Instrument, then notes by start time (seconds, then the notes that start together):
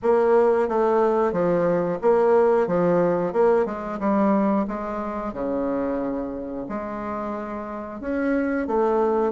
bassoon
0.02 A#3
0.68 A3
1.32 F3
2.02 A#3
2.67 F3
3.32 A#3
3.65 G#3
3.99 G3
4.67 G#3
5.33 C#3
6.68 G#3
8.00 C#4
8.67 A3